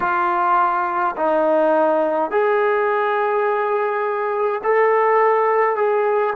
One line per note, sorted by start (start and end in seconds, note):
0.00 1.15 F4
1.16 2.31 D#4
2.31 4.62 G#4
4.63 5.75 A4
5.75 6.33 G#4